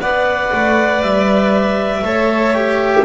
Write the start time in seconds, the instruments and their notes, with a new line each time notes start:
0.00 double bass B3, cello B4, violin D5, clarinet F#5
0.52 double bass A3
1.02 double bass G3, clarinet E5
2.02 double bass A3, cello A4, violin C#5
2.54 cello G4